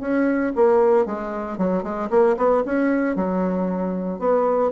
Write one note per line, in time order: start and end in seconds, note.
0.00 0.52 C#4
0.55 1.05 A#3
1.05 1.57 G#3
1.57 1.83 F#3
1.83 2.09 G#3
2.10 2.36 A#3
2.37 2.63 B3
2.65 3.16 C#4
3.16 4.19 F#3
4.19 4.71 B3